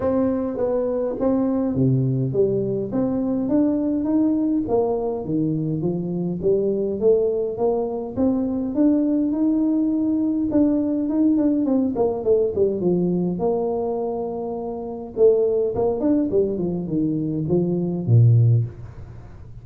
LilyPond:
\new Staff \with { instrumentName = "tuba" } { \time 4/4 \tempo 4 = 103 c'4 b4 c'4 c4 | g4 c'4 d'4 dis'4 | ais4 dis4 f4 g4 | a4 ais4 c'4 d'4 |
dis'2 d'4 dis'8 d'8 | c'8 ais8 a8 g8 f4 ais4~ | ais2 a4 ais8 d'8 | g8 f8 dis4 f4 ais,4 | }